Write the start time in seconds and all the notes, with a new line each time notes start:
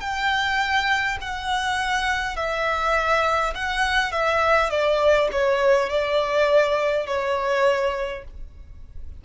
0.00 G5
1.21 F#5
2.36 E5
3.55 F#5
4.12 E5
4.70 D5
5.32 C#5
5.89 D5
7.06 C#5